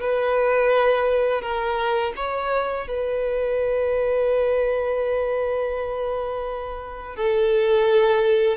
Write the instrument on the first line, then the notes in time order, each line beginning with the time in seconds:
violin
0.00 B4
1.41 A#4
2.16 C#5
2.87 B4
7.16 A4